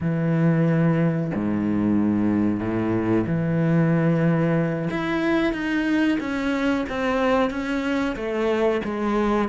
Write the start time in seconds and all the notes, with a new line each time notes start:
0.00 E3
1.34 G#2
2.60 A2
3.26 E3
4.90 E4
5.52 D#4
6.20 C#4
6.89 C4
7.50 C#4
8.16 A3
8.84 G#3